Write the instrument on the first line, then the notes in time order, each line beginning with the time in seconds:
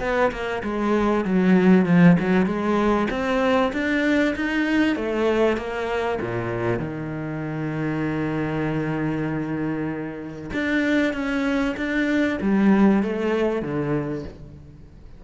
cello
0.00 B3
0.31 A#3
0.63 G#3
1.25 F#3
1.85 F3
2.19 F#3
2.45 G#3
3.10 C4
3.73 D4
4.36 D#4
4.96 A3
5.57 A#3
6.21 A#2
6.79 D#3
10.53 D4
11.13 C#4
11.76 D4
12.41 G3
13.03 A3
13.62 D3